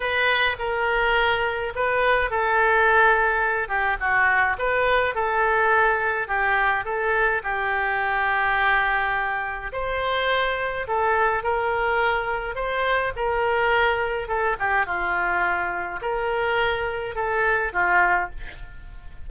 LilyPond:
\new Staff \with { instrumentName = "oboe" } { \time 4/4 \tempo 4 = 105 b'4 ais'2 b'4 | a'2~ a'8 g'8 fis'4 | b'4 a'2 g'4 | a'4 g'2.~ |
g'4 c''2 a'4 | ais'2 c''4 ais'4~ | ais'4 a'8 g'8 f'2 | ais'2 a'4 f'4 | }